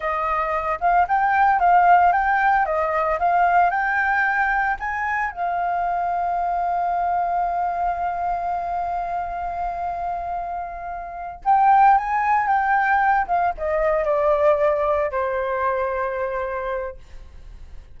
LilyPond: \new Staff \with { instrumentName = "flute" } { \time 4/4 \tempo 4 = 113 dis''4. f''8 g''4 f''4 | g''4 dis''4 f''4 g''4~ | g''4 gis''4 f''2~ | f''1~ |
f''1~ | f''4. g''4 gis''4 g''8~ | g''4 f''8 dis''4 d''4.~ | d''8 c''2.~ c''8 | }